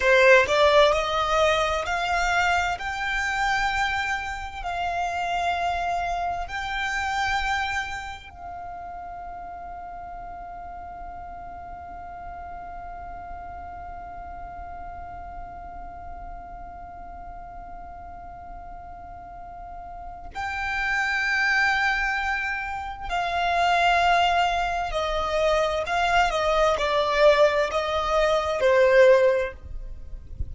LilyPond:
\new Staff \with { instrumentName = "violin" } { \time 4/4 \tempo 4 = 65 c''8 d''8 dis''4 f''4 g''4~ | g''4 f''2 g''4~ | g''4 f''2.~ | f''1~ |
f''1~ | f''2 g''2~ | g''4 f''2 dis''4 | f''8 dis''8 d''4 dis''4 c''4 | }